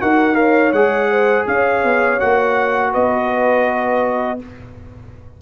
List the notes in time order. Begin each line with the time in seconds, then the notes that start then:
0.00 D#4 F#4 A#4 F#5
0.34 A#4 C#5 F5
0.72 G#3 G#4 F#5
1.11 C5
1.47 C#4 C#5 F5
1.83 B3
2.19 A#3 F#4 F#5
2.91 B3 B4 D#5